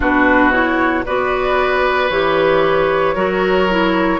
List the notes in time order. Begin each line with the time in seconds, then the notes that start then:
0.00 B2 D4 F#4 B4
0.51 E4 C#5
1.05 B3 F#4 B4 D5
2.09 E3 G4 C#5
3.14 F#3 F#4 A#4
3.70 E4